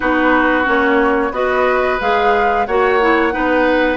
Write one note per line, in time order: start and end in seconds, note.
0.00 0.67 B3
0.00 0.64 D#4
0.00 1.32 F#4
0.00 0.66 B4
0.64 1.31 A#3
0.64 1.31 C#4
0.64 1.33 C#5
1.31 1.98 B3
1.31 2.00 F#4
1.31 2.67 B4
1.31 1.99 D#5
2.00 2.67 G#3
2.00 2.67 G#4
2.00 2.66 F5
2.66 3.34 A#3
2.66 3.00 F#4
2.66 3.33 C#5
2.66 3.97 F#5
3.00 3.31 E4
3.31 3.97 B3
3.31 3.97 D#4
3.31 3.97 B4